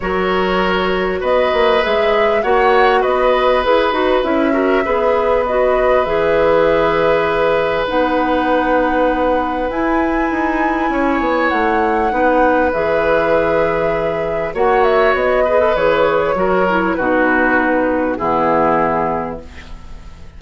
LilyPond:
<<
  \new Staff \with { instrumentName = "flute" } { \time 4/4 \tempo 4 = 99 cis''2 dis''4 e''4 | fis''4 dis''4 b'4 e''4~ | e''4 dis''4 e''2~ | e''4 fis''2. |
gis''2. fis''4~ | fis''4 e''2. | fis''8 e''8 dis''4 cis''2 | b'2 gis'2 | }
  \new Staff \with { instrumentName = "oboe" } { \time 4/4 ais'2 b'2 | cis''4 b'2~ b'8 ais'8 | b'1~ | b'1~ |
b'2 cis''2 | b'1 | cis''4. b'4. ais'4 | fis'2 e'2 | }
  \new Staff \with { instrumentName = "clarinet" } { \time 4/4 fis'2. gis'4 | fis'2 gis'8 fis'8 e'8 fis'8 | gis'4 fis'4 gis'2~ | gis'4 dis'2. |
e'1 | dis'4 gis'2. | fis'4. gis'16 a'16 gis'4 fis'8 e'8 | dis'2 b2 | }
  \new Staff \with { instrumentName = "bassoon" } { \time 4/4 fis2 b8 ais8 gis4 | ais4 b4 e'8 dis'8 cis'4 | b2 e2~ | e4 b2. |
e'4 dis'4 cis'8 b8 a4 | b4 e2. | ais4 b4 e4 fis4 | b,2 e2 | }
>>